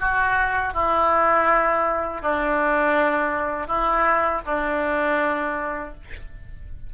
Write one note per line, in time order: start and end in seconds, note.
0.00 0.73 F#4
0.73 2.22 E4
2.22 3.67 D4
3.67 4.41 E4
4.46 5.94 D4